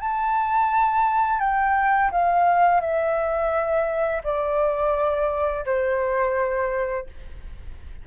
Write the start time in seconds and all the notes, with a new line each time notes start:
0.00 A5
1.40 G5
2.11 F5
2.80 E5
4.24 D5
5.65 C5